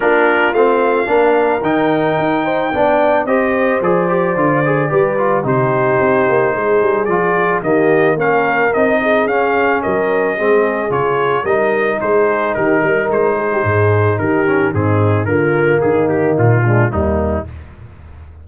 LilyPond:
<<
  \new Staff \with { instrumentName = "trumpet" } { \time 4/4 \tempo 4 = 110 ais'4 f''2 g''4~ | g''2 dis''4 d''4~ | d''2 c''2~ | c''4 d''4 dis''4 f''4 |
dis''4 f''4 dis''2 | cis''4 dis''4 c''4 ais'4 | c''2 ais'4 gis'4 | ais'4 gis'8 g'8 f'4 dis'4 | }
  \new Staff \with { instrumentName = "horn" } { \time 4/4 f'2 ais'2~ | ais'8 c''8 d''4 c''2~ | c''4 b'4 g'2 | gis'2 g'4 ais'4~ |
ais'8 gis'4. ais'4 gis'4~ | gis'4 ais'4 gis'4 g'8 ais'8~ | ais'8 gis'16 g'16 gis'4 g'4 dis'4 | f'4 dis'4. d'8 ais4 | }
  \new Staff \with { instrumentName = "trombone" } { \time 4/4 d'4 c'4 d'4 dis'4~ | dis'4 d'4 g'4 gis'8 g'8 | f'8 gis'8 g'8 f'8 dis'2~ | dis'4 f'4 ais4 cis'4 |
dis'4 cis'2 c'4 | f'4 dis'2.~ | dis'2~ dis'8 cis'8 c'4 | ais2~ ais8 gis8 g4 | }
  \new Staff \with { instrumentName = "tuba" } { \time 4/4 ais4 a4 ais4 dis4 | dis'4 b4 c'4 f4 | d4 g4 c4 c'8 ais8 | gis8 g8 f4 dis4 ais4 |
c'4 cis'4 fis4 gis4 | cis4 g4 gis4 dis8 g8 | gis4 gis,4 dis4 gis,4 | d4 dis4 ais,4 dis,4 | }
>>